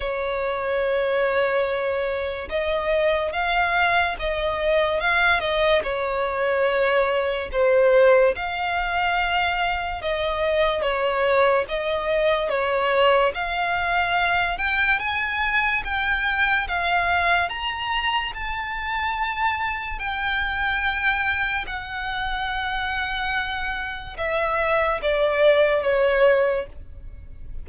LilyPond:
\new Staff \with { instrumentName = "violin" } { \time 4/4 \tempo 4 = 72 cis''2. dis''4 | f''4 dis''4 f''8 dis''8 cis''4~ | cis''4 c''4 f''2 | dis''4 cis''4 dis''4 cis''4 |
f''4. g''8 gis''4 g''4 | f''4 ais''4 a''2 | g''2 fis''2~ | fis''4 e''4 d''4 cis''4 | }